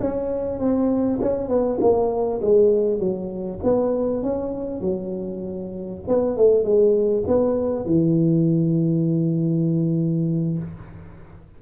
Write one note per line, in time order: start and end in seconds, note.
0.00 0.59 C#4
0.59 1.19 C4
1.21 1.48 C#4
1.48 1.79 B3
1.80 2.41 A#3
2.42 2.99 G#3
2.99 3.60 F#3
3.63 4.23 B3
4.23 4.81 C#4
4.81 6.02 F#3
6.07 6.37 B3
6.37 6.64 A3
6.64 7.24 G#3
7.27 7.85 B3
7.85 10.58 E3